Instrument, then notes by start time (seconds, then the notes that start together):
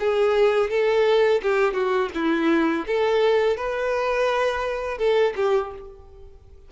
violin
0.00 G#4
0.70 A4
1.43 G4
1.74 F#4
2.15 E4
2.87 A4
3.57 B4
4.98 A4
5.36 G4